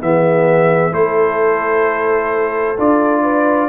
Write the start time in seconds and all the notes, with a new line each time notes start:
0.00 E3 B3 G#4 E5
0.91 A3 E4 A4 C5
2.77 D4 F4 D5
3.22 B4